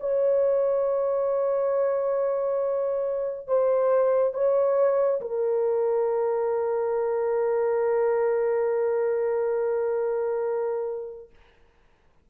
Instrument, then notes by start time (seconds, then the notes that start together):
horn
0.00 C#5
3.47 C5
4.34 C#5
5.21 A#4